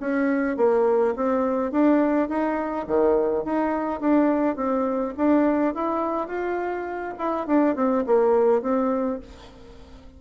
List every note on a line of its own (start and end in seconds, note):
0.00 0.57 C#4
0.57 1.15 A#3
1.16 1.72 C4
1.72 2.29 D4
2.29 2.86 D#4
2.87 3.44 D#3
3.44 4.00 D#4
4.00 4.56 D4
4.56 5.14 C4
5.17 5.74 D4
5.74 6.28 E4
6.28 7.14 F4
7.18 7.47 E4
7.47 7.75 D4
7.75 8.04 C4
8.06 8.62 A#3
8.62 9.19 C4